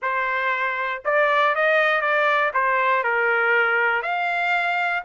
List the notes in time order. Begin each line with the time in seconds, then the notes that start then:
0.02 C5
1.05 D5
1.55 D#5
2.01 D5
2.53 C5
3.03 A#4
4.02 F5